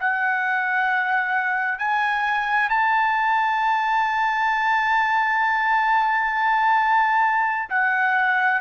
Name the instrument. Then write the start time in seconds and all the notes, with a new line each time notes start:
trumpet
0.00 F#5
1.79 G#5
2.69 A5
7.70 F#5